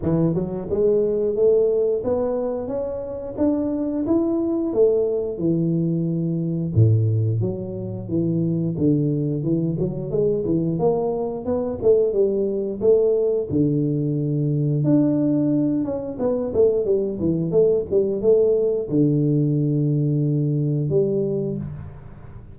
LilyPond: \new Staff \with { instrumentName = "tuba" } { \time 4/4 \tempo 4 = 89 e8 fis8 gis4 a4 b4 | cis'4 d'4 e'4 a4 | e2 a,4 fis4 | e4 d4 e8 fis8 gis8 e8 |
ais4 b8 a8 g4 a4 | d2 d'4. cis'8 | b8 a8 g8 e8 a8 g8 a4 | d2. g4 | }